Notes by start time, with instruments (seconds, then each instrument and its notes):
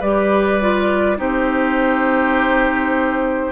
0.00 bassoon G3, clarinet G4, oboe B4, flute D5
0.62 clarinet F4
1.18 bassoon C4, clarinet D#4, oboe G4, flute C5